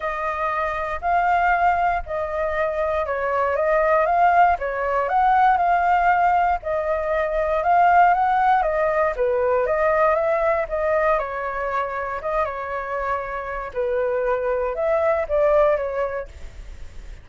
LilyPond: \new Staff \with { instrumentName = "flute" } { \time 4/4 \tempo 4 = 118 dis''2 f''2 | dis''2 cis''4 dis''4 | f''4 cis''4 fis''4 f''4~ | f''4 dis''2 f''4 |
fis''4 dis''4 b'4 dis''4 | e''4 dis''4 cis''2 | dis''8 cis''2~ cis''8 b'4~ | b'4 e''4 d''4 cis''4 | }